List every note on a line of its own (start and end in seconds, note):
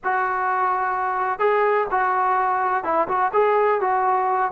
0.03 1.39 F#4
1.39 1.87 G#4
1.90 2.83 F#4
2.83 3.07 E4
3.07 3.31 F#4
3.33 3.80 G#4
3.80 4.51 F#4